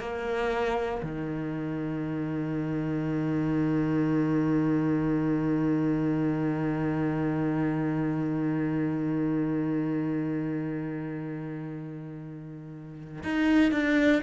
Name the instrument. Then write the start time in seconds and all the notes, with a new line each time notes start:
cello
0.00 A#3
1.03 D#3
13.24 D#4
13.71 D4